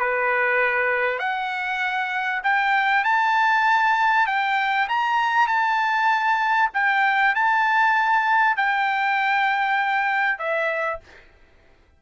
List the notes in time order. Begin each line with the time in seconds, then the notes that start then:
0.00 B4
1.19 F#5
2.44 G5
3.04 A5
4.27 G5
4.89 A#5
5.48 A5
6.74 G5
7.35 A5
8.57 G5
10.39 E5